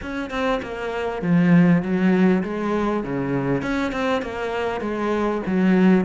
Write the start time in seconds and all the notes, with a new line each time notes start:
0.02 C#4
0.30 C4
0.62 A#3
1.21 F3
1.82 F#3
2.43 G#3
3.03 C#3
3.62 C#4
3.92 C4
4.22 A#3
4.80 G#3
5.46 F#3